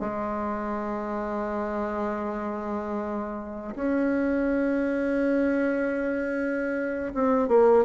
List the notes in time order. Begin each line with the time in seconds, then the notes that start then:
0.00 G#3
3.76 C#4
7.15 C4
7.49 A#3